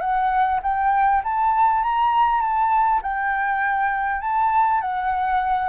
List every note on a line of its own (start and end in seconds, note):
0.00 0.60 F#5
0.63 1.23 G5
1.24 1.83 A5
1.83 2.41 A#5
2.41 3.01 A5
3.02 4.21 G5
4.21 4.81 A5
4.81 5.69 F#5